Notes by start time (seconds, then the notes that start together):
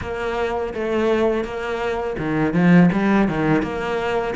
0.01 A#3
0.74 A3
1.44 A#3
2.18 D#3
2.53 F3
2.92 G3
3.28 D#3
3.62 A#3